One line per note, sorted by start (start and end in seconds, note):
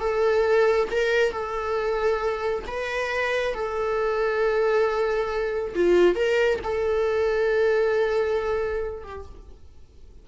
0.00 0.88 A4
0.91 1.32 A#4
1.32 2.64 A4
2.67 3.54 B4
3.54 5.74 A4
5.75 6.15 F4
6.15 6.59 A#4
6.63 9.03 A4
9.03 9.25 G4